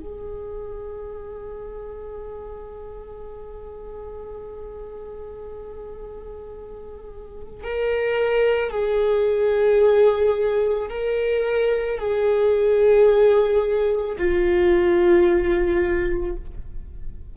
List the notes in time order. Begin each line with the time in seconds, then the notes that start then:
0.00 G#4
7.64 A#4
8.71 G#4
10.89 A#4
11.99 G#4
14.18 F4